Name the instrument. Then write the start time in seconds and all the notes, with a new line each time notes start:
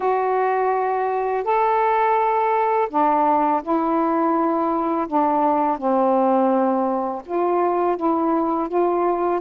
saxophone
0.00 F#4
1.44 A4
2.89 D4
3.62 E4
5.07 D4
5.77 C4
7.25 F4
7.96 E4
8.68 F4